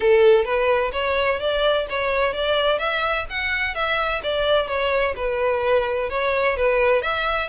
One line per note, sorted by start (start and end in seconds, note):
0.00 0.45 A4
0.45 0.91 B4
0.92 1.39 C#5
1.39 1.86 D5
1.89 2.33 C#5
2.33 2.78 D5
2.78 3.25 E5
3.29 3.74 F#5
3.74 4.21 E5
4.23 4.67 D5
4.67 5.14 C#5
5.16 6.09 B4
6.09 6.56 C#5
6.56 7.02 B4
7.02 7.49 E5